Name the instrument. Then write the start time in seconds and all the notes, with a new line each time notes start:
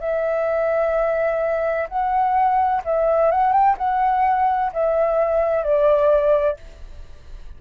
flute
0.00 E5
1.88 F#5
2.84 E5
3.31 F#5
3.52 G5
3.78 F#5
4.73 E5
5.63 D5